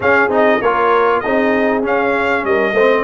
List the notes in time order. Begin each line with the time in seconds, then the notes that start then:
0.00 C#4 G#4 F5
0.28 C4 D#4
0.35 D#5
0.60 A#3 F4 A#4 C#5
1.20 C4 D#4 G#4 D#5
1.82 C#4 F5
2.44 G3 A#4 D#5
2.72 A3 C5
2.79 C4